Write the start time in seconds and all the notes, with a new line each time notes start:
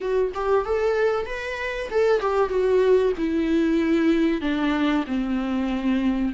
0.01 F#4
0.34 G4
0.65 A4
1.26 B4
1.90 A4
2.20 G4
2.49 F#4
3.17 E4
4.41 D4
5.06 C4